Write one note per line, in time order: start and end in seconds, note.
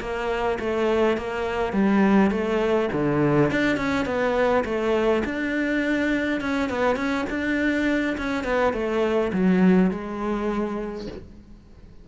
0.00 0.58 A#3
0.59 1.17 A3
1.17 1.73 A#3
1.73 2.31 G3
2.31 2.89 A3
2.92 3.51 D3
3.51 3.77 D4
3.77 4.05 C#4
4.05 4.64 B3
4.65 5.23 A3
5.25 6.41 D4
6.41 6.69 C#4
6.69 6.96 B3
6.96 7.25 C#4
7.29 8.17 D4
8.17 8.44 C#4
8.44 8.73 B3
8.73 9.31 A3
9.33 9.91 F#3
9.91 11.07 G#3